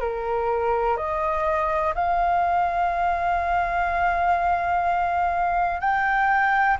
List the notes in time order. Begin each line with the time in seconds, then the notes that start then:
0.00 A#4
0.97 D#5
1.95 F5
5.80 G5